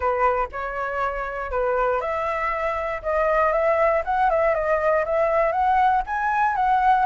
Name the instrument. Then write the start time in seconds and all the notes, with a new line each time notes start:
flute
0.00 B4
0.52 C#5
1.51 B4
2.00 E5
3.02 D#5
3.52 E5
4.04 F#5
4.30 E5
4.54 D#5
5.05 E5
5.52 F#5
6.06 G#5
6.55 F#5